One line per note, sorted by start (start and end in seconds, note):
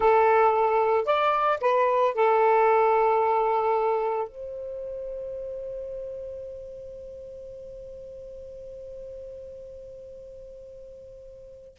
0.00 1.05 A4
1.05 1.58 D5
1.60 2.14 B4
2.14 4.28 A4
4.28 11.78 C5